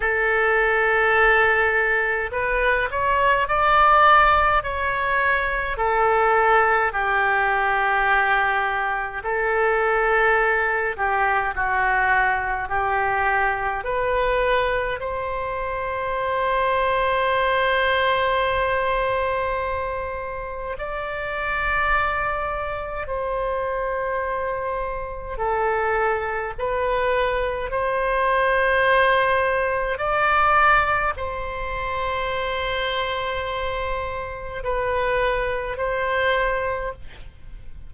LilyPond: \new Staff \with { instrumentName = "oboe" } { \time 4/4 \tempo 4 = 52 a'2 b'8 cis''8 d''4 | cis''4 a'4 g'2 | a'4. g'8 fis'4 g'4 | b'4 c''2.~ |
c''2 d''2 | c''2 a'4 b'4 | c''2 d''4 c''4~ | c''2 b'4 c''4 | }